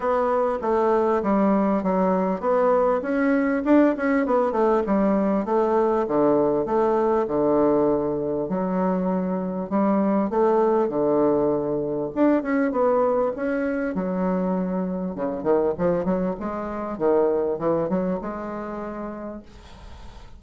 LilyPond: \new Staff \with { instrumentName = "bassoon" } { \time 4/4 \tempo 4 = 99 b4 a4 g4 fis4 | b4 cis'4 d'8 cis'8 b8 a8 | g4 a4 d4 a4 | d2 fis2 |
g4 a4 d2 | d'8 cis'8 b4 cis'4 fis4~ | fis4 cis8 dis8 f8 fis8 gis4 | dis4 e8 fis8 gis2 | }